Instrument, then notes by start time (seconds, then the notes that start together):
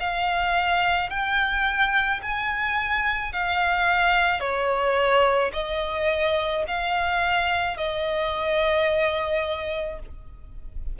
violin
0.00 F5
1.10 G5
2.23 G#5
3.33 F5
4.41 C#5
5.54 D#5
6.68 F5
7.78 D#5